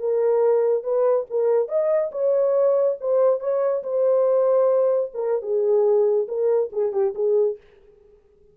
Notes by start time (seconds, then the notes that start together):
0.00 A#4
0.84 B4
1.30 A#4
1.68 D#5
2.12 C#5
3.01 C5
3.40 C#5
3.84 C5
5.14 A#4
5.42 G#4
6.28 A#4
6.73 G#4
6.93 G4
7.15 G#4